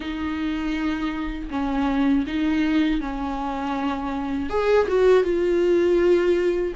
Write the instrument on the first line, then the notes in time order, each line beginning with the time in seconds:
viola
0.00 D#4
1.50 C#4
2.26 D#4
3.00 C#4
4.49 G#4
4.88 F#4
5.23 F4